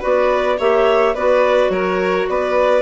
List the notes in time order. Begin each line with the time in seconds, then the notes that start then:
0.00 B3 F#4 B4 D5
0.59 A#3 G4 C#5 E5
1.15 B3 F#4 B4 D5
1.70 F#3 A#4 C#5
2.29 B3 B4 D5